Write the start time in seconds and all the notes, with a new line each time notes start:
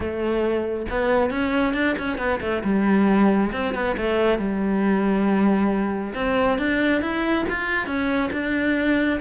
0.00 A3
0.90 B3
1.30 C#4
1.73 D4
1.98 C#4
2.18 B3
2.40 A3
2.64 G3
3.52 C4
3.74 B3
3.97 A3
4.38 G3
6.14 C4
6.58 D4
7.01 E4
7.49 F4
7.86 C#4
8.32 D4